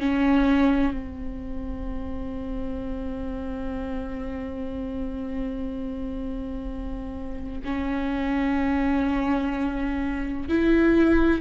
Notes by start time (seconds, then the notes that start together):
0.00 C#4
0.94 C4
7.65 C#4
10.49 E4